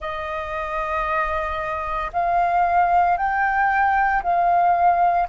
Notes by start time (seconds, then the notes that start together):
0.00 D#5
2.12 F5
3.17 G5
4.22 F5